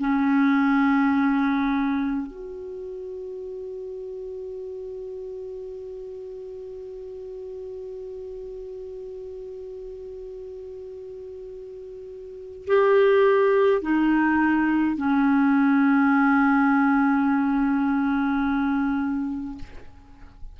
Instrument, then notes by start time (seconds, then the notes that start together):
clarinet
0.00 C#4
2.27 F#4
12.67 G4
13.82 D#4
14.97 C#4